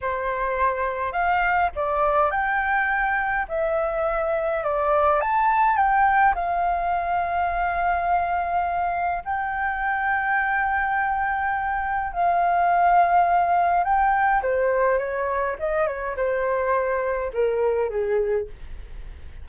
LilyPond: \new Staff \with { instrumentName = "flute" } { \time 4/4 \tempo 4 = 104 c''2 f''4 d''4 | g''2 e''2 | d''4 a''4 g''4 f''4~ | f''1 |
g''1~ | g''4 f''2. | g''4 c''4 cis''4 dis''8 cis''8 | c''2 ais'4 gis'4 | }